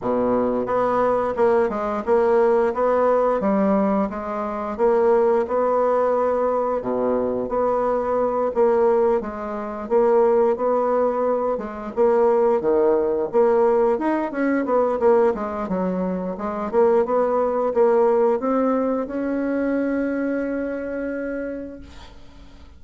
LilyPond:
\new Staff \with { instrumentName = "bassoon" } { \time 4/4 \tempo 4 = 88 b,4 b4 ais8 gis8 ais4 | b4 g4 gis4 ais4 | b2 b,4 b4~ | b8 ais4 gis4 ais4 b8~ |
b4 gis8 ais4 dis4 ais8~ | ais8 dis'8 cis'8 b8 ais8 gis8 fis4 | gis8 ais8 b4 ais4 c'4 | cis'1 | }